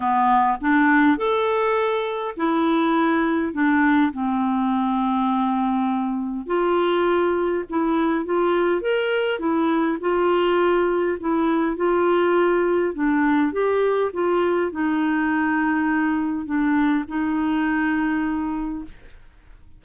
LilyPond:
\new Staff \with { instrumentName = "clarinet" } { \time 4/4 \tempo 4 = 102 b4 d'4 a'2 | e'2 d'4 c'4~ | c'2. f'4~ | f'4 e'4 f'4 ais'4 |
e'4 f'2 e'4 | f'2 d'4 g'4 | f'4 dis'2. | d'4 dis'2. | }